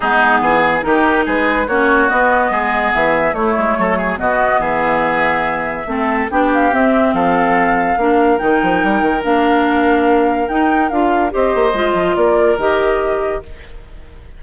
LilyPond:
<<
  \new Staff \with { instrumentName = "flute" } { \time 4/4 \tempo 4 = 143 gis'2 ais'4 b'4 | cis''4 dis''2 e''4 | cis''2 dis''4 e''4~ | e''2. g''8 f''8 |
e''4 f''2. | g''2 f''2~ | f''4 g''4 f''4 dis''4~ | dis''4 d''4 dis''2 | }
  \new Staff \with { instrumentName = "oboe" } { \time 4/4 dis'4 gis'4 g'4 gis'4 | fis'2 gis'2 | e'4 a'8 gis'8 fis'4 gis'4~ | gis'2 a'4 g'4~ |
g'4 a'2 ais'4~ | ais'1~ | ais'2. c''4~ | c''4 ais'2. | }
  \new Staff \with { instrumentName = "clarinet" } { \time 4/4 b2 dis'2 | cis'4 b2. | a2 b2~ | b2 c'4 d'4 |
c'2. d'4 | dis'2 d'2~ | d'4 dis'4 f'4 g'4 | f'2 g'2 | }
  \new Staff \with { instrumentName = "bassoon" } { \time 4/4 gis4 e4 dis4 gis4 | ais4 b4 gis4 e4 | a8 gis8 fis4 b,4 e4~ | e2 a4 b4 |
c'4 f2 ais4 | dis8 f8 g8 dis8 ais2~ | ais4 dis'4 d'4 c'8 ais8 | gis8 f8 ais4 dis2 | }
>>